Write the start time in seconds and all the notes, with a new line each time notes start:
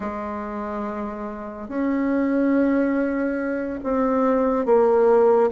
0.00 G#3
1.68 C#4
3.83 C4
4.65 A#3